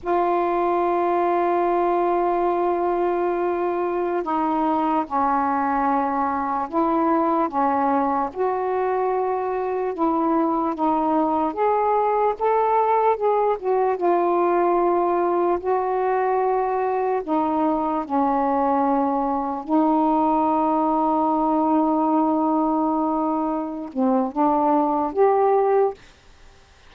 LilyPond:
\new Staff \with { instrumentName = "saxophone" } { \time 4/4 \tempo 4 = 74 f'1~ | f'4~ f'16 dis'4 cis'4.~ cis'16~ | cis'16 e'4 cis'4 fis'4.~ fis'16~ | fis'16 e'4 dis'4 gis'4 a'8.~ |
a'16 gis'8 fis'8 f'2 fis'8.~ | fis'4~ fis'16 dis'4 cis'4.~ cis'16~ | cis'16 dis'2.~ dis'8.~ | dis'4. c'8 d'4 g'4 | }